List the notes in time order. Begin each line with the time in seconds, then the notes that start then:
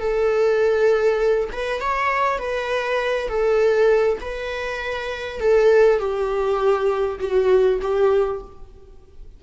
0.00 A4
1.52 B4
1.81 C#5
2.38 B4
3.28 A4
4.21 B4
5.40 A4
5.99 G4
7.20 F#4
7.81 G4